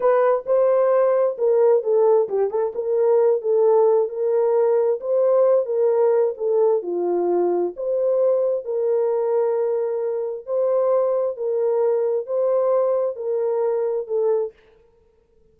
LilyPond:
\new Staff \with { instrumentName = "horn" } { \time 4/4 \tempo 4 = 132 b'4 c''2 ais'4 | a'4 g'8 a'8 ais'4. a'8~ | a'4 ais'2 c''4~ | c''8 ais'4. a'4 f'4~ |
f'4 c''2 ais'4~ | ais'2. c''4~ | c''4 ais'2 c''4~ | c''4 ais'2 a'4 | }